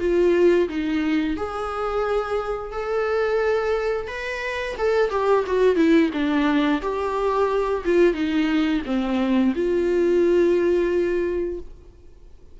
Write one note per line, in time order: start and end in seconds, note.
0.00 0.68 F4
0.68 1.37 D#4
1.37 2.72 G#4
2.72 4.08 A4
4.08 4.76 B4
4.78 5.10 A4
5.10 5.45 G4
5.47 5.76 F#4
5.76 6.10 E4
6.13 6.82 D4
6.82 7.84 G4
7.85 8.14 F4
8.14 8.82 D#4
8.86 9.54 C4
9.55 11.60 F4